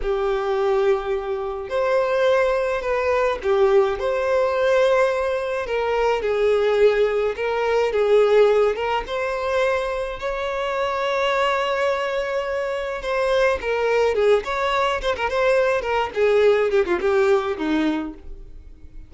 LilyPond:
\new Staff \with { instrumentName = "violin" } { \time 4/4 \tempo 4 = 106 g'2. c''4~ | c''4 b'4 g'4 c''4~ | c''2 ais'4 gis'4~ | gis'4 ais'4 gis'4. ais'8 |
c''2 cis''2~ | cis''2. c''4 | ais'4 gis'8 cis''4 c''16 ais'16 c''4 | ais'8 gis'4 g'16 f'16 g'4 dis'4 | }